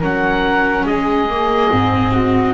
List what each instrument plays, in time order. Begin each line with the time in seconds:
0.00 double bass F#3, viola C#4, flute A#4, oboe F#5
0.85 double bass G#3, flute G#4, oboe D#5
1.30 viola A#3
1.71 double bass G#2, viola C4
2.12 flute F#4